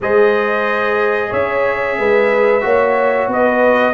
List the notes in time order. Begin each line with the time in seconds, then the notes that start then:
0.00 G#3 G#4 C5 D#5
1.29 C#4 C#5 E5
1.98 G#3 B4
2.61 A#3 F#4 C#5
3.27 B3 B4 D#5